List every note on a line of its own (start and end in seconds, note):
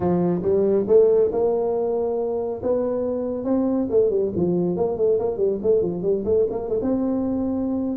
0.00 0.41 F3
0.42 0.85 G3
0.87 1.30 A3
1.31 2.61 A#3
2.62 3.44 B3
3.44 3.87 C4
3.90 4.09 A3
4.09 4.31 G3
4.35 4.76 F3
4.76 4.97 A#3
4.97 5.18 A3
5.19 5.37 A#3
5.37 5.58 G3
5.62 5.82 A3
5.82 6.02 F3
6.02 6.24 G3
6.25 6.46 A3
6.50 6.68 A#3
6.68 6.79 A3
6.81 7.96 C4